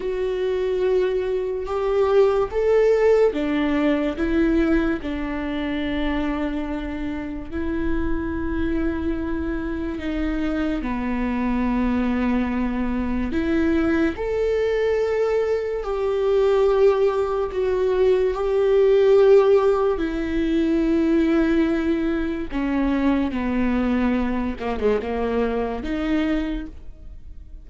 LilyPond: \new Staff \with { instrumentName = "viola" } { \time 4/4 \tempo 4 = 72 fis'2 g'4 a'4 | d'4 e'4 d'2~ | d'4 e'2. | dis'4 b2. |
e'4 a'2 g'4~ | g'4 fis'4 g'2 | e'2. cis'4 | b4. ais16 gis16 ais4 dis'4 | }